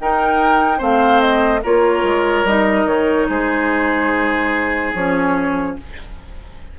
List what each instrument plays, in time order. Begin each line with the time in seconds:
0.00 bassoon D#4, clarinet D#4, oboe A#4, flute G5
0.78 bassoon A3, clarinet C4, oboe C5, flute F5
1.21 flute D#5
1.63 bassoon A#3, clarinet F4, oboe A#4, flute C#5
2.03 bassoon G#3
2.45 bassoon G3, clarinet D#4, flute D#5
2.86 bassoon D#3, flute C#5
3.29 bassoon G#3, oboe G#4, flute C5
4.94 bassoon F3, clarinet C#4, flute C#5